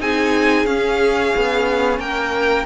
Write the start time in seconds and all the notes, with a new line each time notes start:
0.00 C4 D#4 G#4 G#5
0.66 C#4 F5
1.37 B3
1.99 A#3 A#4 G5